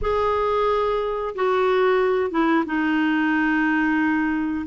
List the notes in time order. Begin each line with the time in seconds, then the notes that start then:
0.01 G#4
1.35 F#4
2.31 E4
2.66 D#4